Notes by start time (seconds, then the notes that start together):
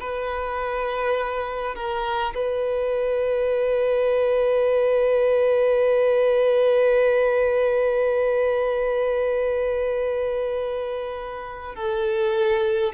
0.00 B4
1.75 A#4
2.35 B4
11.75 A4